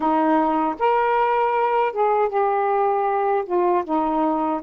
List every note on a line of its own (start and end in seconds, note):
0.00 0.75 D#4
0.79 1.92 A#4
1.92 2.28 G#4
2.28 3.44 G4
3.45 3.84 F4
3.84 4.61 D#4